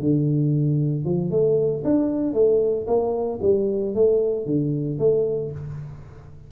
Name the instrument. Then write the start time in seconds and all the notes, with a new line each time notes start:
tuba
0.00 D3
1.05 F3
1.31 A3
1.85 D4
2.34 A3
2.87 A#3
3.42 G3
3.95 A3
4.46 D3
4.99 A3